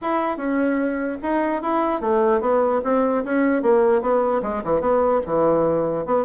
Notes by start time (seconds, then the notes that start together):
0.01 E4
0.37 C#4
1.22 D#4
1.62 E4
2.00 A3
2.40 B3
2.84 C4
3.24 C#4
3.62 A#3
4.01 B3
4.42 G#3
4.63 E3
4.80 B3
5.26 E3
6.05 B3